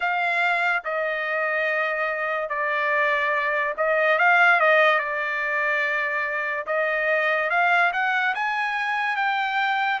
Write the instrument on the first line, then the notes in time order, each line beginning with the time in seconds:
trumpet
0.00 F5
0.84 D#5
2.48 D5
3.77 D#5
4.18 F5
4.59 D#5
4.98 D5
6.66 D#5
7.50 F5
7.92 F#5
8.34 G#5
9.16 G5